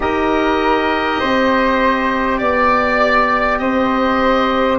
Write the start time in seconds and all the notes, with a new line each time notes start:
0.00 D#4 G4 A#4 D#5
1.19 C4 C5
2.38 B3 D5
3.58 C4 C5 D#5